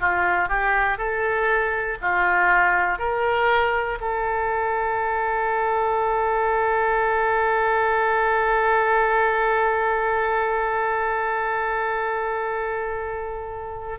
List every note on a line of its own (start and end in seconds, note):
0.00 0.48 F4
0.48 0.97 G4
0.97 1.97 A4
2.01 2.99 F4
2.99 3.99 A#4
4.00 13.99 A4